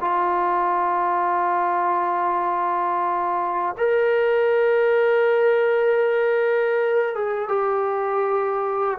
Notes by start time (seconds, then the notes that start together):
0.00 F4
3.77 A#4
7.15 G#4
7.48 G4